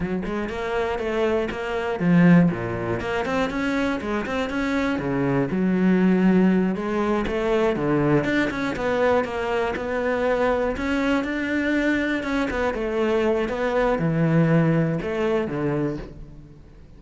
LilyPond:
\new Staff \with { instrumentName = "cello" } { \time 4/4 \tempo 4 = 120 fis8 gis8 ais4 a4 ais4 | f4 ais,4 ais8 c'8 cis'4 | gis8 c'8 cis'4 cis4 fis4~ | fis4. gis4 a4 d8~ |
d8 d'8 cis'8 b4 ais4 b8~ | b4. cis'4 d'4.~ | d'8 cis'8 b8 a4. b4 | e2 a4 d4 | }